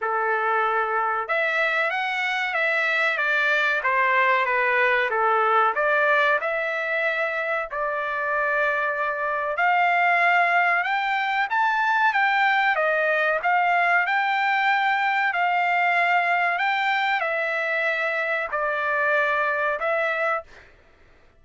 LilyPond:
\new Staff \with { instrumentName = "trumpet" } { \time 4/4 \tempo 4 = 94 a'2 e''4 fis''4 | e''4 d''4 c''4 b'4 | a'4 d''4 e''2 | d''2. f''4~ |
f''4 g''4 a''4 g''4 | dis''4 f''4 g''2 | f''2 g''4 e''4~ | e''4 d''2 e''4 | }